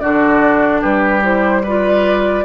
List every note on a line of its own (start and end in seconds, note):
0.00 0.84 D3
0.00 1.22 D4
0.00 0.82 F#4
0.00 0.81 D5
0.82 2.46 G3
0.82 1.63 G4
0.82 1.23 B4
1.22 1.63 E4
1.22 1.65 C5
1.64 2.46 F4
1.64 2.45 B4
1.64 2.46 D5